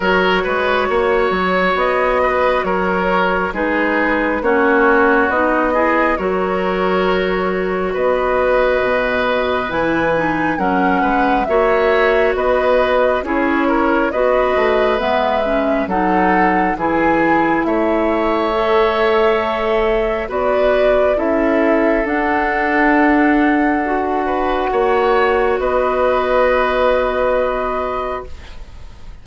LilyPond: <<
  \new Staff \with { instrumentName = "flute" } { \time 4/4 \tempo 4 = 68 cis''2 dis''4 cis''4 | b'4 cis''4 dis''4 cis''4~ | cis''4 dis''2 gis''4 | fis''4 e''4 dis''4 cis''4 |
dis''4 e''4 fis''4 gis''4 | e''2. d''4 | e''4 fis''2.~ | fis''4 dis''2. | }
  \new Staff \with { instrumentName = "oboe" } { \time 4/4 ais'8 b'8 cis''4. b'8 ais'4 | gis'4 fis'4. gis'8 ais'4~ | ais'4 b'2. | ais'8 b'8 cis''4 b'4 gis'8 ais'8 |
b'2 a'4 gis'4 | cis''2. b'4 | a'2.~ a'8 b'8 | cis''4 b'2. | }
  \new Staff \with { instrumentName = "clarinet" } { \time 4/4 fis'1 | dis'4 cis'4 dis'8 e'8 fis'4~ | fis'2. e'8 dis'8 | cis'4 fis'2 e'4 |
fis'4 b8 cis'8 dis'4 e'4~ | e'4 a'2 fis'4 | e'4 d'2 fis'4~ | fis'1 | }
  \new Staff \with { instrumentName = "bassoon" } { \time 4/4 fis8 gis8 ais8 fis8 b4 fis4 | gis4 ais4 b4 fis4~ | fis4 b4 b,4 e4 | fis8 gis8 ais4 b4 cis'4 |
b8 a8 gis4 fis4 e4 | a2. b4 | cis'4 d'2. | ais4 b2. | }
>>